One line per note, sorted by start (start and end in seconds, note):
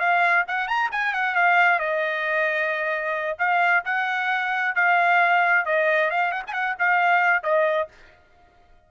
0.00 0.45 F5
0.48 0.68 F#5
0.68 0.91 A#5
0.92 1.14 G#5
1.14 1.36 F#5
1.36 1.80 F5
1.80 3.38 D#5
3.39 3.84 F5
3.86 4.76 F#5
4.76 5.66 F5
5.66 6.11 D#5
6.11 6.32 F5
6.32 6.43 F#5
6.47 6.76 F#5
6.47 6.53 G#5
6.79 7.44 F5
7.44 7.89 D#5